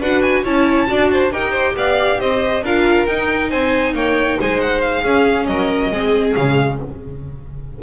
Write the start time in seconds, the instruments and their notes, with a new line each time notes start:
0.00 double bass D4, viola F#4, violin B4 F#5
0.22 violin G#5
0.44 double bass C#4, viola E4, violin C#5 A5
0.87 double bass D4, viola F#4, violin D5
1.12 violin C5
1.31 double bass D#4, viola G4, violin A#4 G5
1.52 violin C5
1.76 double bass B3, violin D5 F5
2.20 double bass C4, violin C5 D#5
2.63 double bass D4, viola F4, violin A#4 F5
3.07 double bass D#4, viola D#4, violin G5
3.50 double bass C4, violin C5 G#5
3.94 double bass A#3, violin C#5 G5
4.40 double bass G#3, violin C5 G#5
4.61 violin F#5
4.81 violin F5
5.02 double bass C#4, viola C#4, violin G#4
5.46 double bass F#3, violin A#4 D#5
5.91 double bass G#3, viola C4, violin G#4
6.35 double bass C#3, viola G#3, violin F5